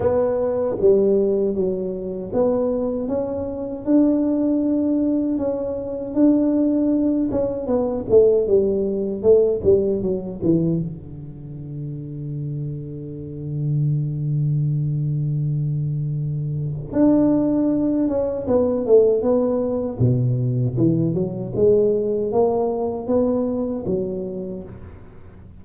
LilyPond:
\new Staff \with { instrumentName = "tuba" } { \time 4/4 \tempo 4 = 78 b4 g4 fis4 b4 | cis'4 d'2 cis'4 | d'4. cis'8 b8 a8 g4 | a8 g8 fis8 e8 d2~ |
d1~ | d2 d'4. cis'8 | b8 a8 b4 b,4 e8 fis8 | gis4 ais4 b4 fis4 | }